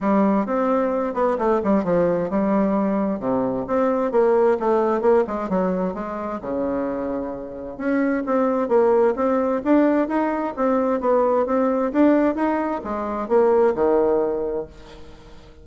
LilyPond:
\new Staff \with { instrumentName = "bassoon" } { \time 4/4 \tempo 4 = 131 g4 c'4. b8 a8 g8 | f4 g2 c4 | c'4 ais4 a4 ais8 gis8 | fis4 gis4 cis2~ |
cis4 cis'4 c'4 ais4 | c'4 d'4 dis'4 c'4 | b4 c'4 d'4 dis'4 | gis4 ais4 dis2 | }